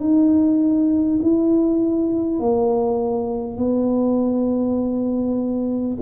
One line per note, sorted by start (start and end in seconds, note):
0.00 1.20 D#4
1.22 2.39 E4
2.39 3.57 A#3
3.57 5.97 B3